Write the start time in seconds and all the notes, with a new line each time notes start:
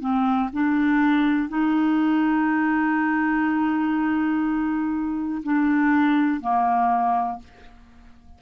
0.00 C4
0.52 D4
1.48 D#4
5.43 D4
6.40 A#3